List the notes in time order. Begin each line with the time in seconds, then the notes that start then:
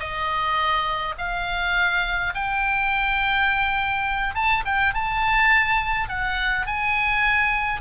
0.00 D#5
1.19 F5
2.35 G5
4.35 A5
4.66 G5
4.94 A5
6.09 F#5
6.67 G#5